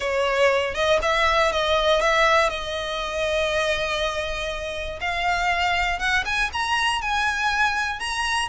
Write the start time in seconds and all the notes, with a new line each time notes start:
0.00 C#5
0.74 D#5
1.01 E5
1.52 D#5
2.01 E5
2.49 D#5
5.00 F5
5.99 F#5
6.25 G#5
6.52 A#5
7.01 G#5
7.99 A#5